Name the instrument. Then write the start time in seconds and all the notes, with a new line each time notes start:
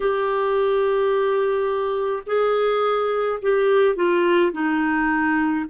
clarinet
0.00 G4
2.26 G#4
3.42 G4
3.95 F4
4.52 D#4